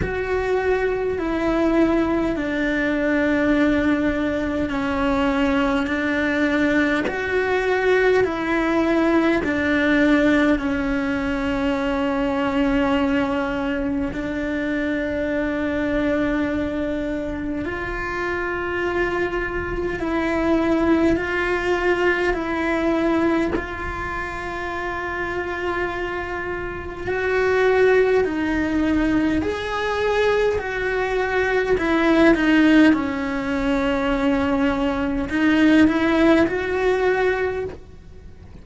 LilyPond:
\new Staff \with { instrumentName = "cello" } { \time 4/4 \tempo 4 = 51 fis'4 e'4 d'2 | cis'4 d'4 fis'4 e'4 | d'4 cis'2. | d'2. f'4~ |
f'4 e'4 f'4 e'4 | f'2. fis'4 | dis'4 gis'4 fis'4 e'8 dis'8 | cis'2 dis'8 e'8 fis'4 | }